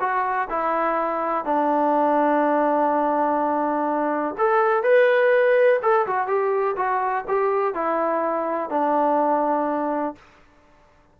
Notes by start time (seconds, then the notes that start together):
0.00 F#4
0.50 E4
1.45 D4
4.38 A4
4.83 B4
5.82 A4
6.07 F#4
6.27 G4
6.76 F#4
7.28 G4
7.74 E4
8.70 D4